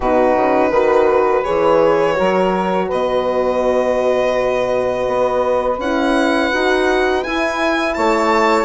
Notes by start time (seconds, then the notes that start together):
0.00 B2 D#4 F#4 B4
0.36 C#3
0.69 D#3 F#4 B4
1.44 E3 G#4 C#5
2.13 F#3 F#4 A#4
2.87 B2 B4 D#5
5.06 B3
5.78 C#4 E4 F#5
6.52 D#4 F#4
7.22 E4 G#5
7.94 A3 C#5 A5